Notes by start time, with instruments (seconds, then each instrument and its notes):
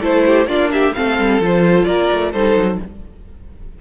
0.00 cello A3, viola E4, violin A4 C5
0.26 violin G4
0.46 cello A#3, viola D4, violin F4 D5
0.72 violin G4 E5
0.94 cello A3, viola C4, violin A4 F5
1.18 cello G3
1.40 cello F3, viola F4, violin C5
1.84 cello A#3, violin A#4 D5
2.12 cello A3
2.32 cello G3, viola D#4, violin A4 C5
2.55 cello F#3